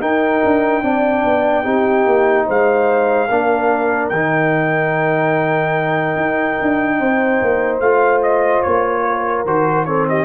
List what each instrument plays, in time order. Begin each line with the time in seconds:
0.00 trombone D#4, tuba D#4, horn A#4, trumpet G5
0.43 tuba D4
0.82 tuba C4, trombone D4, horn D5
1.24 tuba B3
1.63 tuba C4, trombone D#4, horn G4
2.05 tuba A#3
2.46 tuba G#3, horn C5, trumpet F5
3.28 tuba A#3, trombone D4, horn A#4
4.08 tuba D#3, trombone D#4, trumpet G5
6.15 tuba D#4
6.61 tuba D4
6.99 tuba C4, horn C5
7.41 tuba A#3
7.79 tuba A3, trombone F4, trumpet F5
8.22 trumpet D#5
8.62 tuba A#3, trumpet C#5
9.05 horn A#4
9.45 tuba D#3, trombone F#4, trumpet C5
9.85 trombone C4, horn A4, trumpet C#5
10.08 horn G4, trumpet D#5